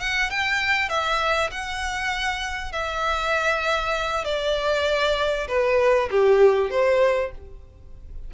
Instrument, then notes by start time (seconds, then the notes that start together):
violin
0.00 F#5
0.30 G5
0.89 E5
1.51 F#5
2.72 E5
4.25 D5
5.48 B4
6.11 G4
6.70 C5